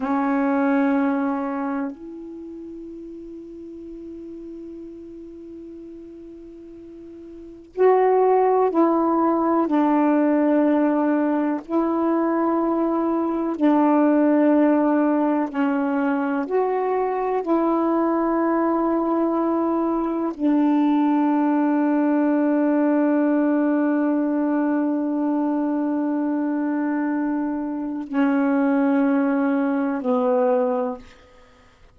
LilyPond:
\new Staff \with { instrumentName = "saxophone" } { \time 4/4 \tempo 4 = 62 cis'2 e'2~ | e'1 | fis'4 e'4 d'2 | e'2 d'2 |
cis'4 fis'4 e'2~ | e'4 d'2.~ | d'1~ | d'4 cis'2 b4 | }